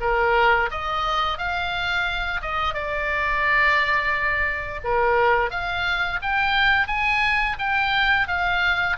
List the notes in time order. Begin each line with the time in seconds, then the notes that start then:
0.00 A#4
0.70 D#5
1.38 F5
2.41 D#5
2.73 D5
4.84 A#4
5.50 F5
6.22 G5
6.87 G#5
7.58 G5
8.27 F5